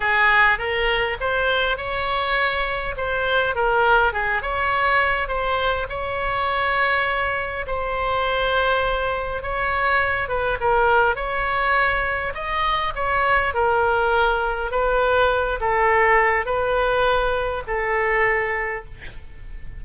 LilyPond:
\new Staff \with { instrumentName = "oboe" } { \time 4/4 \tempo 4 = 102 gis'4 ais'4 c''4 cis''4~ | cis''4 c''4 ais'4 gis'8 cis''8~ | cis''4 c''4 cis''2~ | cis''4 c''2. |
cis''4. b'8 ais'4 cis''4~ | cis''4 dis''4 cis''4 ais'4~ | ais'4 b'4. a'4. | b'2 a'2 | }